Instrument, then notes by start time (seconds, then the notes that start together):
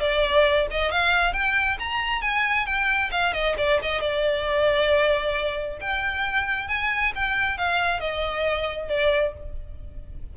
violin
0.00 D5
0.71 D#5
0.91 F5
1.33 G5
1.79 A#5
2.21 G#5
2.66 G5
3.11 F5
3.33 D#5
3.58 D5
3.82 D#5
4.01 D5
5.81 G5
6.68 G#5
7.15 G5
7.58 F5
8.00 D#5
8.88 D5